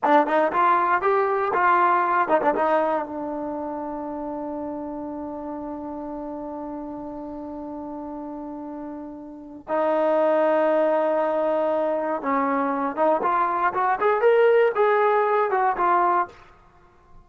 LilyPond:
\new Staff \with { instrumentName = "trombone" } { \time 4/4 \tempo 4 = 118 d'8 dis'8 f'4 g'4 f'4~ | f'8 dis'16 d'16 dis'4 d'2~ | d'1~ | d'1~ |
d'2. dis'4~ | dis'1 | cis'4. dis'8 f'4 fis'8 gis'8 | ais'4 gis'4. fis'8 f'4 | }